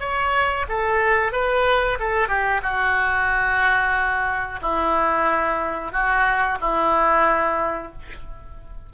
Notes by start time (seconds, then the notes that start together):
0.00 C#5
0.69 A4
1.32 B4
2.00 A4
2.28 G4
2.63 F#4
4.62 E4
5.93 F#4
6.61 E4